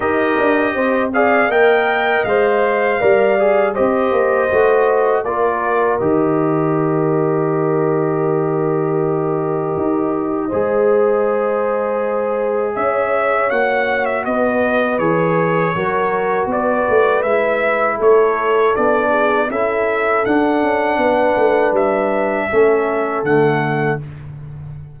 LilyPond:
<<
  \new Staff \with { instrumentName = "trumpet" } { \time 4/4 \tempo 4 = 80 dis''4. f''8 g''4 f''4~ | f''4 dis''2 d''4 | dis''1~ | dis''1~ |
dis''4 e''4 fis''8. e''16 dis''4 | cis''2 d''4 e''4 | cis''4 d''4 e''4 fis''4~ | fis''4 e''2 fis''4 | }
  \new Staff \with { instrumentName = "horn" } { \time 4/4 ais'4 c''8 d''8 dis''2 | d''4 c''2 ais'4~ | ais'1~ | ais'2 c''2~ |
c''4 cis''2 b'4~ | b'4 ais'4 b'2 | a'4. gis'8 a'2 | b'2 a'2 | }
  \new Staff \with { instrumentName = "trombone" } { \time 4/4 g'4. gis'8 ais'4 c''4 | ais'8 gis'8 g'4 fis'4 f'4 | g'1~ | g'2 gis'2~ |
gis'2 fis'2 | gis'4 fis'2 e'4~ | e'4 d'4 e'4 d'4~ | d'2 cis'4 a4 | }
  \new Staff \with { instrumentName = "tuba" } { \time 4/4 dis'8 d'8 c'4 ais4 gis4 | g4 c'8 ais8 a4 ais4 | dis1~ | dis4 dis'4 gis2~ |
gis4 cis'4 ais4 b4 | e4 fis4 b8 a8 gis4 | a4 b4 cis'4 d'8 cis'8 | b8 a8 g4 a4 d4 | }
>>